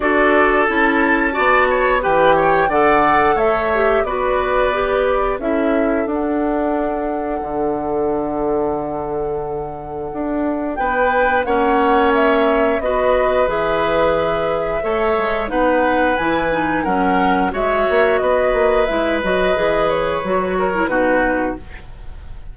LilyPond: <<
  \new Staff \with { instrumentName = "flute" } { \time 4/4 \tempo 4 = 89 d''4 a''2 g''4 | fis''4 e''4 d''2 | e''4 fis''2.~ | fis''1 |
g''4 fis''4 e''4 dis''4 | e''2. fis''4 | gis''4 fis''4 e''4 dis''4 | e''8 dis''4 cis''4. b'4 | }
  \new Staff \with { instrumentName = "oboe" } { \time 4/4 a'2 d''8 cis''8 b'8 cis''8 | d''4 cis''4 b'2 | a'1~ | a'1 |
b'4 cis''2 b'4~ | b'2 cis''4 b'4~ | b'4 ais'4 cis''4 b'4~ | b'2~ b'8 ais'8 fis'4 | }
  \new Staff \with { instrumentName = "clarinet" } { \time 4/4 fis'4 e'4 fis'4 g'4 | a'4. g'8 fis'4 g'4 | e'4 d'2.~ | d'1~ |
d'4 cis'2 fis'4 | gis'2 a'4 dis'4 | e'8 dis'8 cis'4 fis'2 | e'8 fis'8 gis'4 fis'8. e'16 dis'4 | }
  \new Staff \with { instrumentName = "bassoon" } { \time 4/4 d'4 cis'4 b4 e4 | d4 a4 b2 | cis'4 d'2 d4~ | d2. d'4 |
b4 ais2 b4 | e2 a8 gis8 b4 | e4 fis4 gis8 ais8 b8 ais8 | gis8 fis8 e4 fis4 b,4 | }
>>